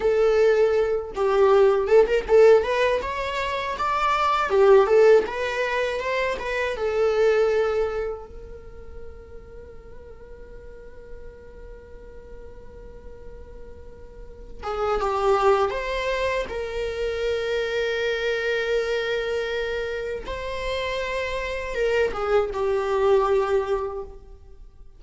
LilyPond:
\new Staff \with { instrumentName = "viola" } { \time 4/4 \tempo 4 = 80 a'4. g'4 a'16 ais'16 a'8 b'8 | cis''4 d''4 g'8 a'8 b'4 | c''8 b'8 a'2 ais'4~ | ais'1~ |
ais'2.~ ais'8 gis'8 | g'4 c''4 ais'2~ | ais'2. c''4~ | c''4 ais'8 gis'8 g'2 | }